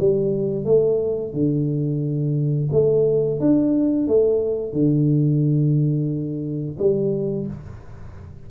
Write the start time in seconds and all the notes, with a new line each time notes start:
0.00 G3
0.65 A3
1.33 D3
2.72 A3
3.40 D4
4.08 A3
4.73 D3
6.79 G3